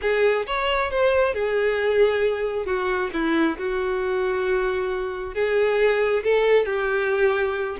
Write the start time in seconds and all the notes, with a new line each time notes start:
0.01 G#4
0.46 C#5
0.90 C5
1.33 G#4
2.65 F#4
3.13 E4
3.58 F#4
5.34 G#4
6.23 A4
6.65 G4